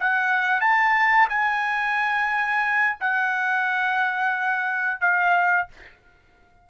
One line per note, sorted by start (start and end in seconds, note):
0.00 0.61 F#5
0.61 1.28 A5
1.29 2.98 G#5
3.00 5.01 F#5
5.01 5.68 F5